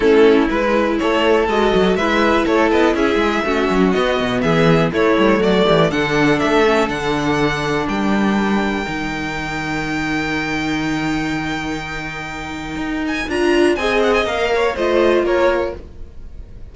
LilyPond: <<
  \new Staff \with { instrumentName = "violin" } { \time 4/4 \tempo 4 = 122 a'4 b'4 cis''4 dis''4 | e''4 cis''8 dis''8 e''2 | dis''4 e''4 cis''4 d''4 | fis''4 e''4 fis''2 |
g''1~ | g''1~ | g''2~ g''8 gis''8 ais''4 | gis''8 fis''16 gis''16 f''4 dis''4 cis''4 | }
  \new Staff \with { instrumentName = "violin" } { \time 4/4 e'2 a'2 | b'4 a'4 gis'4 fis'4~ | fis'4 gis'4 e'4 fis'8 g'8 | a'1 |
ais'1~ | ais'1~ | ais'1 | dis''4. cis''8 c''4 ais'4 | }
  \new Staff \with { instrumentName = "viola" } { \time 4/4 cis'4 e'2 fis'4 | e'2. cis'4 | b2 a2 | d'4. cis'8 d'2~ |
d'2 dis'2~ | dis'1~ | dis'2. f'4 | gis'4 ais'4 f'2 | }
  \new Staff \with { instrumentName = "cello" } { \time 4/4 a4 gis4 a4 gis8 fis8 | gis4 a8 b8 cis'8 gis8 a8 fis8 | b8 b,8 e4 a8 g8 fis8 e8 | d4 a4 d2 |
g2 dis2~ | dis1~ | dis2 dis'4 d'4 | c'4 ais4 a4 ais4 | }
>>